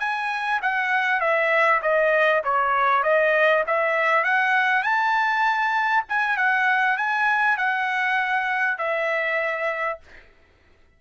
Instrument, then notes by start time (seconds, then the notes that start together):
trumpet
0.00 G#5
0.63 F#5
1.21 E5
1.82 D#5
2.45 C#5
3.04 D#5
3.67 E5
4.25 F#5
4.83 A5
6.09 G#5
6.37 F#5
6.98 G#5
7.58 F#5
8.79 E5